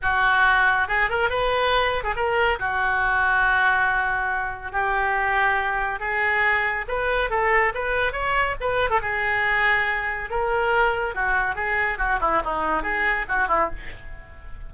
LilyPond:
\new Staff \with { instrumentName = "oboe" } { \time 4/4 \tempo 4 = 140 fis'2 gis'8 ais'8 b'4~ | b'8. gis'16 ais'4 fis'2~ | fis'2. g'4~ | g'2 gis'2 |
b'4 a'4 b'4 cis''4 | b'8. a'16 gis'2. | ais'2 fis'4 gis'4 | fis'8 e'8 dis'4 gis'4 fis'8 e'8 | }